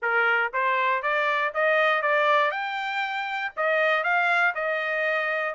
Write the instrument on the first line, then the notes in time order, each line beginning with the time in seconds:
trumpet
0.02 A#4
0.53 C5
1.02 D5
1.54 D#5
2.02 D5
2.51 G5
3.56 D#5
4.03 F5
4.54 D#5